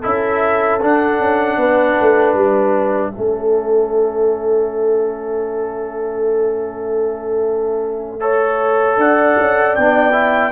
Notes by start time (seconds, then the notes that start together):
0.00 C#4 E4 A4 E5
0.81 D4 F#5
1.19 C#4
1.57 B3 B4
2.00 A3
2.33 G3 E5
3.13 A3 C#4 A4
8.20 A4 C#5
8.97 D4 D5 F#5
9.38 C#4
9.75 B3 D4 G5
10.12 E4